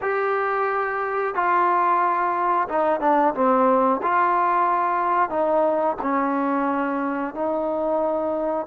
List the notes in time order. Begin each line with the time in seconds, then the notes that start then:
0.01 G4
1.34 F4
2.68 D#4
3.00 D4
3.34 C4
4.02 F4
5.29 D#4
6.02 C#4
7.34 D#4